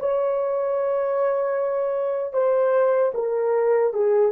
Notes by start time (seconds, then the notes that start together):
0.00 C#5
2.33 C5
3.14 A#4
3.94 G#4